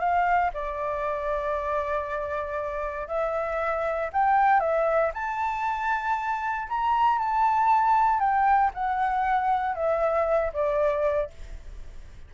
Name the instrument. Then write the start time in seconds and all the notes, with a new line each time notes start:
flute
0.00 F5
0.54 D5
3.08 E5
4.13 G5
4.61 E5
5.14 A5
6.69 A#5
7.19 A5
8.20 G5
8.74 F#5
9.76 E5
10.54 D5